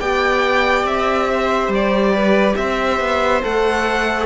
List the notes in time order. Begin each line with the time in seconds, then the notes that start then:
0.00 B3 G4 D5 G5
0.84 C4 E5
1.29 C5
1.68 G3
1.74 D5
2.14 B4
2.56 C4 C5 E5
3.00 B3
3.43 A3 A4 F#5